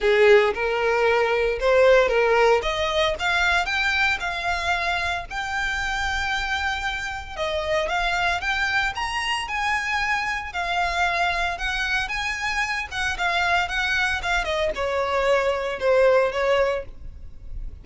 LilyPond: \new Staff \with { instrumentName = "violin" } { \time 4/4 \tempo 4 = 114 gis'4 ais'2 c''4 | ais'4 dis''4 f''4 g''4 | f''2 g''2~ | g''2 dis''4 f''4 |
g''4 ais''4 gis''2 | f''2 fis''4 gis''4~ | gis''8 fis''8 f''4 fis''4 f''8 dis''8 | cis''2 c''4 cis''4 | }